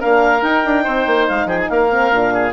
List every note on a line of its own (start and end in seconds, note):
0.00 0.42 A#3
0.00 0.42 D4
0.00 0.84 A#4
0.00 0.43 F5
0.42 0.63 D#4
0.42 1.91 D#4
0.42 1.27 G5
0.65 0.87 D4
0.84 1.06 C4
0.84 1.47 C5
1.06 1.28 A#3
1.28 1.46 G#3
1.28 1.48 F5
1.46 1.67 F3
1.46 1.68 G#4
1.46 1.59 G5
1.59 1.69 G#5
1.69 2.12 A#3
1.69 2.34 A#4
1.69 2.53 F5
1.91 2.12 C4
2.12 2.53 A#2
2.12 2.53 D4
2.34 2.53 G#4